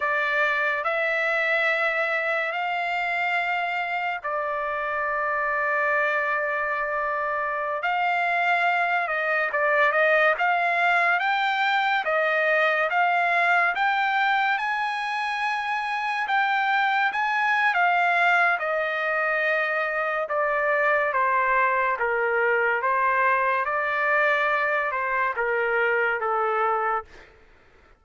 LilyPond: \new Staff \with { instrumentName = "trumpet" } { \time 4/4 \tempo 4 = 71 d''4 e''2 f''4~ | f''4 d''2.~ | d''4~ d''16 f''4. dis''8 d''8 dis''16~ | dis''16 f''4 g''4 dis''4 f''8.~ |
f''16 g''4 gis''2 g''8.~ | g''16 gis''8. f''4 dis''2 | d''4 c''4 ais'4 c''4 | d''4. c''8 ais'4 a'4 | }